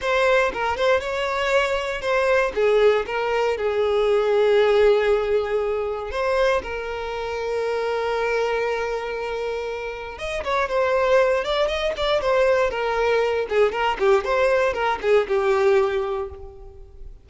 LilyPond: \new Staff \with { instrumentName = "violin" } { \time 4/4 \tempo 4 = 118 c''4 ais'8 c''8 cis''2 | c''4 gis'4 ais'4 gis'4~ | gis'1 | c''4 ais'2.~ |
ais'1 | dis''8 cis''8 c''4. d''8 dis''8 d''8 | c''4 ais'4. gis'8 ais'8 g'8 | c''4 ais'8 gis'8 g'2 | }